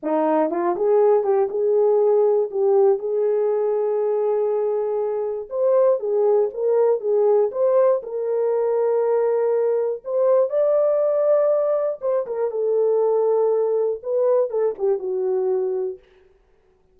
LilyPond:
\new Staff \with { instrumentName = "horn" } { \time 4/4 \tempo 4 = 120 dis'4 f'8 gis'4 g'8 gis'4~ | gis'4 g'4 gis'2~ | gis'2. c''4 | gis'4 ais'4 gis'4 c''4 |
ais'1 | c''4 d''2. | c''8 ais'8 a'2. | b'4 a'8 g'8 fis'2 | }